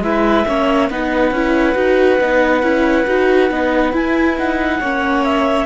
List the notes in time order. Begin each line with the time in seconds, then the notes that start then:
0.00 G#3 E4 B4 E5
0.47 A#3 C#4 C#5
0.89 B3 D#4 B4 F#5
1.31 C#4 E4
1.75 D#4 F#4
2.20 B3 D#4
2.62 C#4 E4
3.07 D#4 F#4
3.50 B3 D#4
3.92 E4 G#5
4.38 D#4 F#5
4.80 A#3 C#4 C#5
5.24 E5